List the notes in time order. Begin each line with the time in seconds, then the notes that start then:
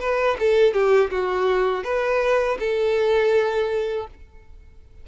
0.00 B4
0.39 A4
0.73 G4
1.11 F#4
1.84 B4
2.59 A4